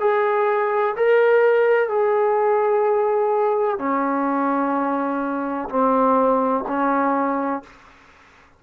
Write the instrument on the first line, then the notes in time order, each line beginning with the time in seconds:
trombone
0.00 G#4
0.96 A#4
1.89 G#4
3.78 C#4
5.69 C4
6.68 C#4